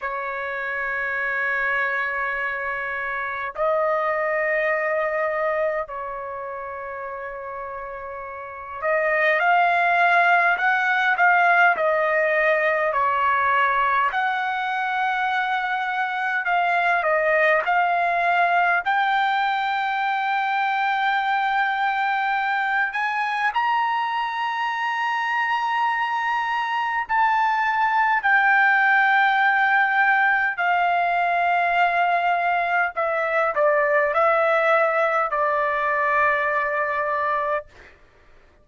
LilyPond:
\new Staff \with { instrumentName = "trumpet" } { \time 4/4 \tempo 4 = 51 cis''2. dis''4~ | dis''4 cis''2~ cis''8 dis''8 | f''4 fis''8 f''8 dis''4 cis''4 | fis''2 f''8 dis''8 f''4 |
g''2.~ g''8 gis''8 | ais''2. a''4 | g''2 f''2 | e''8 d''8 e''4 d''2 | }